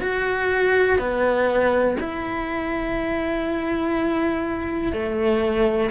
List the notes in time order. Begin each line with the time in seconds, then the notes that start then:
0.00 F#4
0.98 B3
2.00 E4
4.93 A3